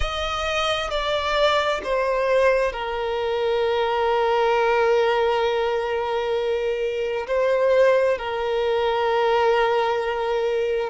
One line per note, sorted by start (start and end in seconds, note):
0.00 0.90 D#5
0.90 1.81 D5
1.83 2.72 C5
2.72 7.26 A#4
7.27 8.17 C5
8.17 10.90 A#4